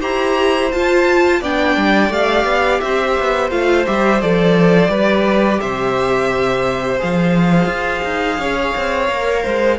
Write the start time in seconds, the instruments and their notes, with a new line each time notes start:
0.00 cello E4, viola G4, violin C5 A#5
0.72 cello F4, viola F4, violin A5
1.41 cello B3, viola D4, violin D5 G5
1.76 cello G3
2.09 cello A3, viola G4, violin F5
2.45 cello B3
2.80 cello C4, violin C5 E5
3.19 cello B3
3.50 cello A3, viola F4, violin F5
3.86 cello G3, viola G4, violin E5
4.21 cello F3, viola A4, violin D5
4.87 cello G3, viola G4, violin B4
5.60 cello C3, violin C5 E5
6.99 cello F3, viola G#4, violin F5
7.66 cello F4
8.04 cello D#4
8.38 cello C#4, violin C#5
8.76 cello C4
9.09 cello A#3, viola A#4
9.43 cello G#3, violin C5